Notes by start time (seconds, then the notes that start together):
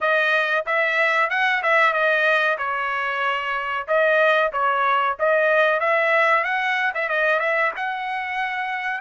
0.00 D#5
0.66 E5
1.30 F#5
1.62 E5
1.93 D#5
2.58 C#5
3.87 D#5
4.52 C#5
5.19 D#5
5.79 E5
6.43 F#5
6.94 E5
7.08 D#5
7.39 E5
7.76 F#5